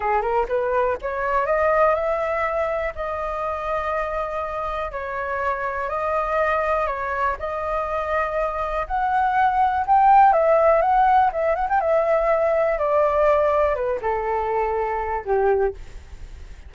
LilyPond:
\new Staff \with { instrumentName = "flute" } { \time 4/4 \tempo 4 = 122 gis'8 ais'8 b'4 cis''4 dis''4 | e''2 dis''2~ | dis''2 cis''2 | dis''2 cis''4 dis''4~ |
dis''2 fis''2 | g''4 e''4 fis''4 e''8 fis''16 g''16 | e''2 d''2 | b'8 a'2~ a'8 g'4 | }